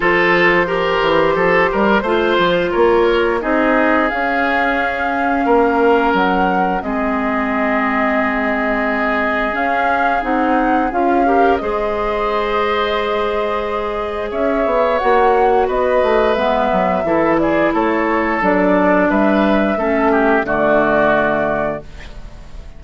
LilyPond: <<
  \new Staff \with { instrumentName = "flute" } { \time 4/4 \tempo 4 = 88 c''1 | cis''4 dis''4 f''2~ | f''4 fis''4 dis''2~ | dis''2 f''4 fis''4 |
f''4 dis''2.~ | dis''4 e''4 fis''4 dis''4 | e''4. d''8 cis''4 d''4 | e''2 d''2 | }
  \new Staff \with { instrumentName = "oboe" } { \time 4/4 a'4 ais'4 a'8 ais'8 c''4 | ais'4 gis'2. | ais'2 gis'2~ | gis'1~ |
gis'8 ais'8 c''2.~ | c''4 cis''2 b'4~ | b'4 a'8 gis'8 a'2 | b'4 a'8 g'8 fis'2 | }
  \new Staff \with { instrumentName = "clarinet" } { \time 4/4 f'4 g'2 f'4~ | f'4 dis'4 cis'2~ | cis'2 c'2~ | c'2 cis'4 dis'4 |
f'8 g'8 gis'2.~ | gis'2 fis'2 | b4 e'2 d'4~ | d'4 cis'4 a2 | }
  \new Staff \with { instrumentName = "bassoon" } { \time 4/4 f4. e8 f8 g8 a8 f8 | ais4 c'4 cis'2 | ais4 fis4 gis2~ | gis2 cis'4 c'4 |
cis'4 gis2.~ | gis4 cis'8 b8 ais4 b8 a8 | gis8 fis8 e4 a4 fis4 | g4 a4 d2 | }
>>